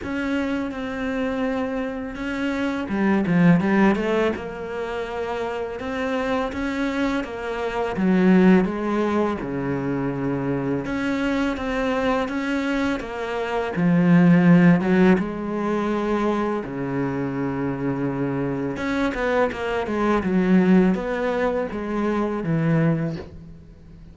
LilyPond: \new Staff \with { instrumentName = "cello" } { \time 4/4 \tempo 4 = 83 cis'4 c'2 cis'4 | g8 f8 g8 a8 ais2 | c'4 cis'4 ais4 fis4 | gis4 cis2 cis'4 |
c'4 cis'4 ais4 f4~ | f8 fis8 gis2 cis4~ | cis2 cis'8 b8 ais8 gis8 | fis4 b4 gis4 e4 | }